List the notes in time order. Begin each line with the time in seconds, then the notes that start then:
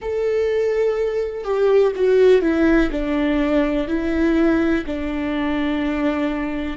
0.01 A4
1.44 G4
1.95 F#4
2.41 E4
2.91 D4
3.87 E4
4.86 D4